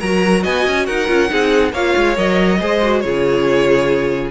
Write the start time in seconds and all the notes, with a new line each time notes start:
0.00 F#3 F#4 A#4 A#5
0.43 B3 D#5 G#5
0.67 C#4
0.86 D#4 A#4 F#5
1.08 C#4 F4
1.28 C4 D#4 G#4
1.73 A#3 F4 C#5 F5
1.96 G#3
2.16 F#3 A#4 D#5
2.60 G#3 G#4 C5
2.82 F#4
3.00 C#3 F4 G#4 C#5